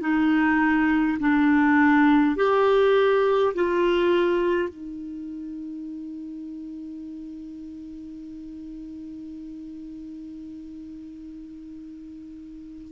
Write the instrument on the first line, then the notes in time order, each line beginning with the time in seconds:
clarinet
0.00 D#4
1.19 D4
2.35 G4
3.54 F4
4.68 D#4